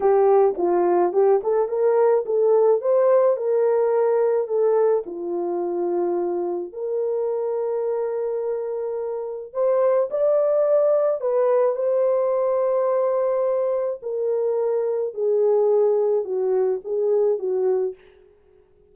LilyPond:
\new Staff \with { instrumentName = "horn" } { \time 4/4 \tempo 4 = 107 g'4 f'4 g'8 a'8 ais'4 | a'4 c''4 ais'2 | a'4 f'2. | ais'1~ |
ais'4 c''4 d''2 | b'4 c''2.~ | c''4 ais'2 gis'4~ | gis'4 fis'4 gis'4 fis'4 | }